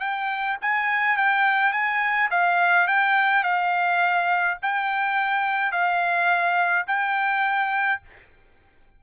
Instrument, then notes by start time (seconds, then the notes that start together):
trumpet
0.00 G5
0.62 G#5
1.17 G5
1.72 G#5
2.31 F5
2.88 G5
3.43 F5
4.62 G5
5.72 F5
6.87 G5